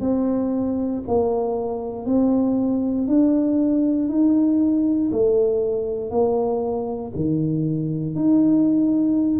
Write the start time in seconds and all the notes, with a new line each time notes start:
0.00 C4
1.07 A#3
2.06 C4
3.07 D4
4.09 D#4
5.11 A3
6.10 A#3
7.15 D#3
8.15 D#4